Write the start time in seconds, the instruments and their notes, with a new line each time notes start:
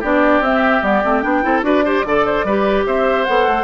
0.00 bassoon B3, clarinet D4, oboe G4, flute D5
0.40 bassoon C4, clarinet C4, flute E5
0.83 bassoon G3, clarinet B3, flute D5
1.04 bassoon A3, clarinet C4
1.21 bassoon B3, clarinet D4, flute G5
1.42 bassoon C4, clarinet E4, oboe A4
1.62 bassoon D4, clarinet F#4, oboe B4, flute D5
1.85 clarinet G4, oboe C5
2.05 bassoon D3, clarinet A4, oboe D5
2.26 oboe C5
2.44 bassoon G3, clarinet G4, oboe B4
2.86 bassoon C4, oboe C5, flute E5
3.25 bassoon B3, clarinet A4, flute F#5
3.47 bassoon A3